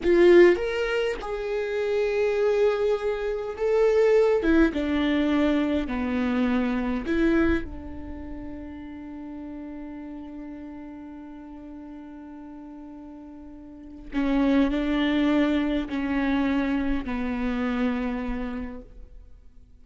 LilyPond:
\new Staff \with { instrumentName = "viola" } { \time 4/4 \tempo 4 = 102 f'4 ais'4 gis'2~ | gis'2 a'4. e'8 | d'2 b2 | e'4 d'2.~ |
d'1~ | d'1 | cis'4 d'2 cis'4~ | cis'4 b2. | }